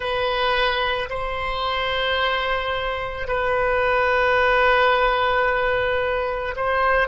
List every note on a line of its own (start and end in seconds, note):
0.00 1.09 B4
1.09 3.27 C5
3.27 6.55 B4
6.56 7.08 C5